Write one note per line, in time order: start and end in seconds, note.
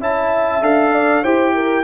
0.00 0.61 C#4
0.00 0.61 E4
0.00 0.92 E5
0.00 0.63 A5
0.61 1.23 D4
0.61 1.23 A4
0.61 1.23 F5
0.92 1.22 D5
1.22 1.83 E4
1.22 1.83 G4
1.22 1.53 C5
1.22 1.83 G5
1.54 1.83 A#4